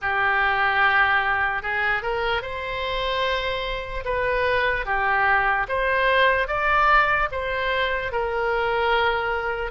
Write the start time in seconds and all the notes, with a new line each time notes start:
0.01 G4
1.62 G#4
2.02 A#4
2.41 C5
4.04 B4
4.85 G4
5.68 C5
6.47 D5
7.31 C5
8.12 A#4